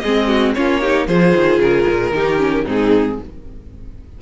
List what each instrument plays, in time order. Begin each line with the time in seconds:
0.00 cello G#3, violin G#4 D#5
0.06 viola C4
0.28 violin F#4
0.55 cello A#3, viola C#4, violin F4 C#5
0.81 viola D#4, violin G4
1.08 cello F3, viola F4, violin G#4 C5
1.35 cello D#3
1.59 cello C#3, violin A#4
1.88 cello A#2
2.11 cello D#3, viola D#4, violin G4
2.39 viola C#4
2.66 cello G#2, viola C4, violin D#4 G#4